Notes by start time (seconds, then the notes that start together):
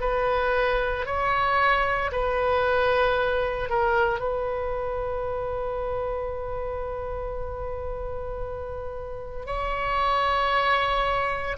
0.00 B4
1.05 C#5
2.11 B4
3.69 A#4
4.20 B4
9.46 C#5